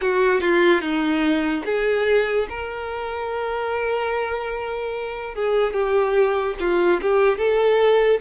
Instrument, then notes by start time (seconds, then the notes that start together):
violin
0.01 F#4
0.40 F4
0.81 D#4
1.65 G#4
2.49 A#4
5.34 G#4
5.73 G4
6.59 F4
7.01 G4
7.37 A4